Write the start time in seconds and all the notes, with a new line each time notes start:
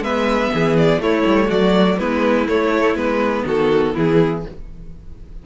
0.00 G#3 B3 B4 E5
0.54 E3 G#4
0.77 D5
0.98 A3 E4 C#5
1.26 G3
1.47 F#3 F#4 D5
1.98 G#3 B3 E4 B4
2.47 A3 C#5
2.95 G#3 B3 B4
3.45 D#3 F#4 A4
3.94 E3 E4 G#4